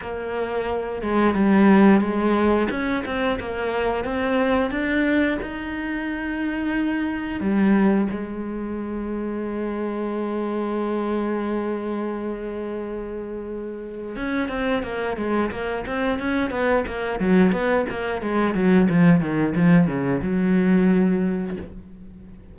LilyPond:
\new Staff \with { instrumentName = "cello" } { \time 4/4 \tempo 4 = 89 ais4. gis8 g4 gis4 | cis'8 c'8 ais4 c'4 d'4 | dis'2. g4 | gis1~ |
gis1~ | gis4 cis'8 c'8 ais8 gis8 ais8 c'8 | cis'8 b8 ais8 fis8 b8 ais8 gis8 fis8 | f8 dis8 f8 cis8 fis2 | }